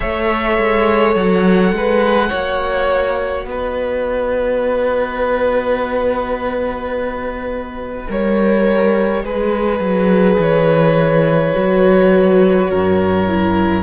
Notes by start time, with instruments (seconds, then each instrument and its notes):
0.00 cello A3, viola A4, violin C#5 E5
0.57 cello G#3
1.15 cello F#3, violin F#5
1.72 cello G#3, violin B4
2.29 cello A#3, viola F#4, violin C#5
3.44 cello B3, violin B4 D#5
8.08 cello G3, viola A#4, violin C#5
9.24 cello G#3, viola G#4, violin B4
9.79 cello F#3
10.38 cello E3, violin C#5
11.54 cello F#3, viola F#4
12.70 cello F#2, violin A#4
13.27 viola E4